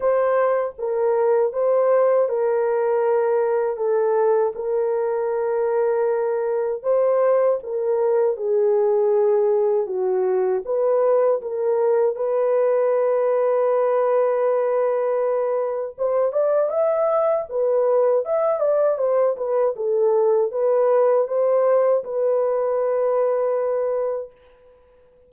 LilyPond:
\new Staff \with { instrumentName = "horn" } { \time 4/4 \tempo 4 = 79 c''4 ais'4 c''4 ais'4~ | ais'4 a'4 ais'2~ | ais'4 c''4 ais'4 gis'4~ | gis'4 fis'4 b'4 ais'4 |
b'1~ | b'4 c''8 d''8 e''4 b'4 | e''8 d''8 c''8 b'8 a'4 b'4 | c''4 b'2. | }